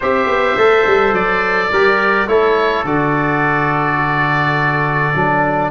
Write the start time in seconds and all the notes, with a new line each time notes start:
0.00 C4 G4 C5 E5
0.26 B3
0.56 A3 A4
0.86 G3
1.12 F#3 D5
1.72 G3 G4 A#4
2.27 A3 E4 A4 C#5
2.84 D3 F#4 D5
5.15 F#3 D4